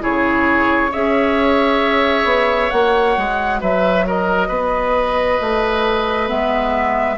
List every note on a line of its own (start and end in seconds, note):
0.00 0.95 C#3
0.00 0.90 E4
0.00 0.91 G#4
0.00 0.93 C#5
0.91 2.25 C#4
0.91 2.72 G#4
0.91 3.60 C#5
0.91 2.71 E5
2.25 2.70 B3
2.71 3.18 A#3
2.71 6.26 F#4
2.71 3.60 F#5
3.18 3.62 G#3
3.61 4.50 F#3
3.61 4.06 B4
3.61 4.07 E5
4.07 4.48 A#4
4.07 6.29 D#5
4.48 5.39 B3
4.48 7.17 B4
5.41 6.31 A3
6.26 7.18 G#3
6.26 7.16 B3
6.26 7.18 E5